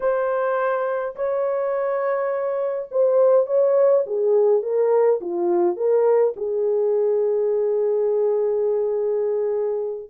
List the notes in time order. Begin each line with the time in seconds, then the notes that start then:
0.00 C5
1.15 C#5
2.91 C5
3.46 C#5
4.06 G#4
4.62 A#4
5.21 F4
5.76 A#4
6.36 G#4